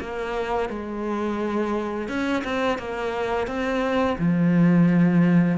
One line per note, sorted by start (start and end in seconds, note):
0.00 0.69 A#3
0.69 2.08 G#3
2.08 2.43 C#4
2.44 2.78 C4
2.78 3.47 A#3
3.47 4.17 C4
4.18 5.58 F3